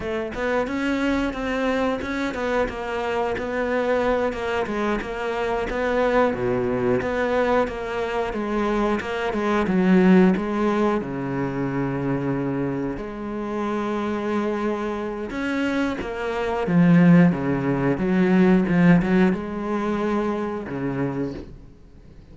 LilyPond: \new Staff \with { instrumentName = "cello" } { \time 4/4 \tempo 4 = 90 a8 b8 cis'4 c'4 cis'8 b8 | ais4 b4. ais8 gis8 ais8~ | ais8 b4 b,4 b4 ais8~ | ais8 gis4 ais8 gis8 fis4 gis8~ |
gis8 cis2. gis8~ | gis2. cis'4 | ais4 f4 cis4 fis4 | f8 fis8 gis2 cis4 | }